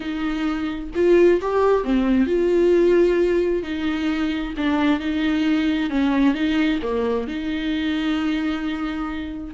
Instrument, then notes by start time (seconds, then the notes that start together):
viola
0.00 D#4
0.95 F4
1.41 G4
1.84 C4
2.26 F4
3.63 D#4
4.57 D4
5.00 D#4
5.89 C#4
6.34 D#4
6.82 A#3
7.27 D#4